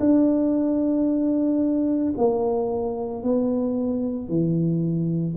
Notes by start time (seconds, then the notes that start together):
0.00 D4
2.18 A#3
3.23 B3
4.29 E3